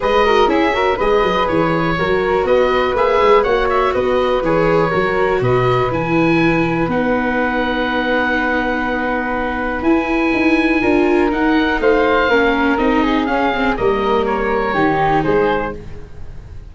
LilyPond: <<
  \new Staff \with { instrumentName = "oboe" } { \time 4/4 \tempo 4 = 122 dis''4 e''4 dis''4 cis''4~ | cis''4 dis''4 e''4 fis''8 e''8 | dis''4 cis''2 dis''4 | gis''2 fis''2~ |
fis''1 | gis''2. fis''4 | f''2 dis''4 f''4 | dis''4 cis''2 c''4 | }
  \new Staff \with { instrumentName = "flute" } { \time 4/4 b'8 ais'8 gis'8 ais'8 b'2 | ais'4 b'2 cis''4 | b'2 ais'4 b'4~ | b'1~ |
b'1~ | b'2 ais'2 | c''4 ais'4. gis'4. | ais'2 g'4 gis'4 | }
  \new Staff \with { instrumentName = "viola" } { \time 4/4 gis'8 fis'8 e'8 fis'8 gis'2 | fis'2 gis'4 fis'4~ | fis'4 gis'4 fis'2 | e'2 dis'2~ |
dis'1 | e'2 f'4 dis'4~ | dis'4 cis'4 dis'4 cis'8 c'8 | ais2 dis'2 | }
  \new Staff \with { instrumentName = "tuba" } { \time 4/4 gis4 cis'4 gis8 fis8 e4 | fis4 b4 ais8 gis8 ais4 | b4 e4 fis4 b,4 | e2 b2~ |
b1 | e'4 dis'4 d'4 dis'4 | a4 ais4 c'4 cis'4 | g2 dis4 gis4 | }
>>